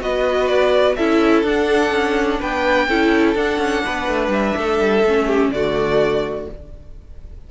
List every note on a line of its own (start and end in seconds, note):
0.00 0.97 B3
0.00 0.96 F#4
0.00 0.97 B4
0.00 0.47 D#5
0.47 0.95 D5
0.96 1.43 C#4
0.96 1.45 E4
0.96 2.40 A4
0.96 1.44 E5
1.43 1.91 D4
1.43 2.89 D4
1.43 2.41 F#5
1.91 2.39 C#4
2.40 2.88 B3
2.40 2.88 B4
2.40 3.37 G5
2.88 3.35 C#4
2.88 3.36 E4
2.88 3.84 A4
3.35 3.58 D4
3.35 5.04 D4
3.35 4.32 F#5
3.58 3.82 C#4
3.85 4.08 B3
3.85 4.58 B4
4.08 4.29 A3
4.29 4.53 G3
4.29 5.51 E5
4.56 4.80 A3
4.56 5.26 A4
4.80 5.04 G3
5.04 5.49 A3
5.04 5.55 C#4
5.26 5.50 G4
5.49 6.45 D3
5.49 6.51 A3
5.49 6.50 F#4
5.49 6.47 D5